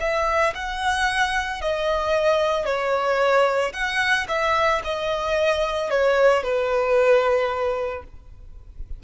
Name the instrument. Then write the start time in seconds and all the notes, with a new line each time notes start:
violin
0.00 E5
0.54 F#5
1.61 D#5
2.65 C#5
3.73 F#5
4.28 E5
4.84 D#5
5.90 C#5
6.42 B4